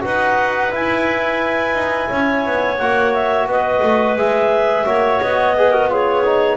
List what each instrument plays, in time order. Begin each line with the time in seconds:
0.00 double bass D#4, trombone F#4, clarinet B4 F#5
0.70 trombone E4, double bass E4, clarinet G#5
1.74 double bass D#4
2.10 double bass C#4, clarinet C#5
2.45 double bass B3
2.78 double bass A#3, trombone F#4, clarinet F#5
3.13 clarinet E5
3.46 double bass B3, clarinet B4 D#5
3.82 double bass A3
4.16 double bass G#3, trombone G#4, clarinet E5
4.85 double bass A#3, trombone F#4, clarinet C#5
5.21 double bass B3, clarinet D#5
5.56 trombone G#4, clarinet B4
5.70 trombone F#4, clarinet A#4
5.89 trombone F4, clarinet G#4 C#5
6.25 trombone D#4